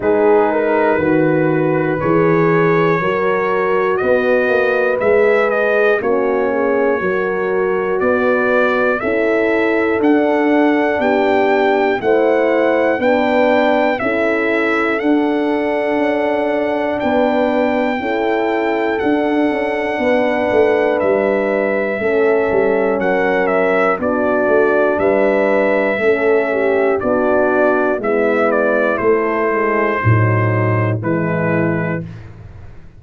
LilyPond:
<<
  \new Staff \with { instrumentName = "trumpet" } { \time 4/4 \tempo 4 = 60 b'2 cis''2 | dis''4 e''8 dis''8 cis''2 | d''4 e''4 fis''4 g''4 | fis''4 g''4 e''4 fis''4~ |
fis''4 g''2 fis''4~ | fis''4 e''2 fis''8 e''8 | d''4 e''2 d''4 | e''8 d''8 c''2 b'4 | }
  \new Staff \with { instrumentName = "horn" } { \time 4/4 gis'8 ais'8 b'2 ais'4 | b'2 fis'8 gis'8 ais'4 | b'4 a'2 g'4 | c''4 b'4 a'2~ |
a'4 b'4 a'2 | b'2 a'4 ais'4 | fis'4 b'4 a'8 g'8 fis'4 | e'2 dis'4 e'4 | }
  \new Staff \with { instrumentName = "horn" } { \time 4/4 dis'4 fis'4 gis'4 fis'4~ | fis'4 gis'4 cis'4 fis'4~ | fis'4 e'4 d'2 | e'4 d'4 e'4 d'4~ |
d'2 e'4 d'4~ | d'2 cis'2 | d'2 cis'4 d'4 | b4 a8 gis8 fis4 gis4 | }
  \new Staff \with { instrumentName = "tuba" } { \time 4/4 gis4 dis4 e4 fis4 | b8 ais8 gis4 ais4 fis4 | b4 cis'4 d'4 b4 | a4 b4 cis'4 d'4 |
cis'4 b4 cis'4 d'8 cis'8 | b8 a8 g4 a8 g8 fis4 | b8 a8 g4 a4 b4 | gis4 a4 a,4 e4 | }
>>